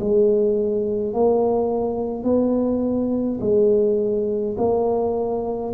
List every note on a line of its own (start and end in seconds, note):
0.00 1.14 G#3
1.14 2.24 A#3
2.24 3.39 B3
3.40 4.56 G#3
4.58 5.73 A#3